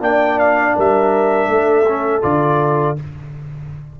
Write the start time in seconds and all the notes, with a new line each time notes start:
0.00 A#3 D4 D5 G5
0.39 F5
0.76 G3 A#4 E5
1.48 A3 A4
1.88 C#4
2.22 D3 F4 D5